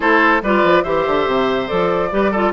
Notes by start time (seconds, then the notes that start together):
0.00 A3 E4 A4 C5
0.42 G3 F4 B4 D5
0.63 F3
0.83 E3 G4 C5 E5
1.06 D3
1.27 C3
1.67 F3 A4 D5
2.11 G3 G4 B4
2.31 F4 A4